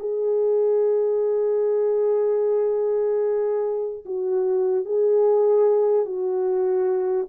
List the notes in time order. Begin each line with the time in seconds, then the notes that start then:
0.00 G#4
4.05 F#4
4.86 G#4
6.06 F#4